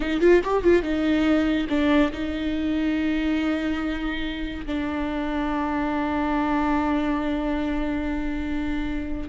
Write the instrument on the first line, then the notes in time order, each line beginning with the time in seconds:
viola
0.00 D#4
0.20 F4
0.43 G4
0.63 F4
0.82 D#4
1.69 D4
2.12 D#4
4.66 D4